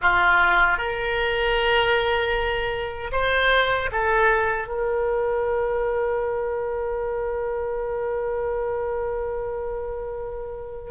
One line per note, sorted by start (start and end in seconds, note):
0.01 0.77 F4
0.77 3.11 A#4
3.12 3.90 C5
3.92 4.67 A4
4.67 10.91 A#4